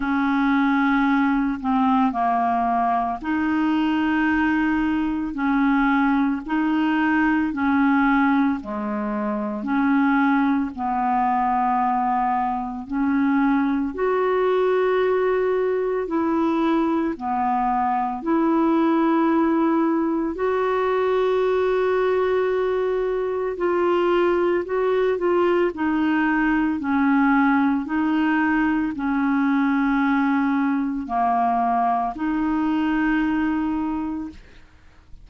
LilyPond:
\new Staff \with { instrumentName = "clarinet" } { \time 4/4 \tempo 4 = 56 cis'4. c'8 ais4 dis'4~ | dis'4 cis'4 dis'4 cis'4 | gis4 cis'4 b2 | cis'4 fis'2 e'4 |
b4 e'2 fis'4~ | fis'2 f'4 fis'8 f'8 | dis'4 cis'4 dis'4 cis'4~ | cis'4 ais4 dis'2 | }